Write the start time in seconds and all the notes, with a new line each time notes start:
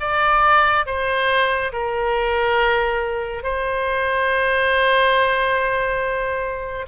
0.00 D5
0.86 C5
1.72 A#4
3.43 C5